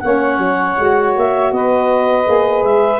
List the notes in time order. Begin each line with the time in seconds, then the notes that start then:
0.00 A#3 C#4 C#5 F#5
0.38 F#3
0.77 G#3 F#4
1.16 A#3 E5
1.52 B3 B4 D#5
2.25 A#3 G#4
2.63 G#3 E5